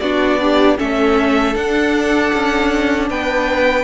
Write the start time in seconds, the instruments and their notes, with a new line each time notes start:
0.00 cello B3, viola D4, violin F#4 D5
0.39 violin D4, viola G4
0.77 cello A3, viola C#4, violin A4 E5
1.54 viola D4, cello D4, violin F#5
2.33 cello C#4
3.10 cello B3, violin B4 G5